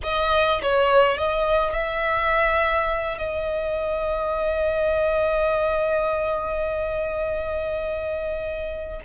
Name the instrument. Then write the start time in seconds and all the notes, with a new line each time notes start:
violin
0.03 D#5
0.61 C#5
1.17 D#5
1.72 E5
3.17 D#5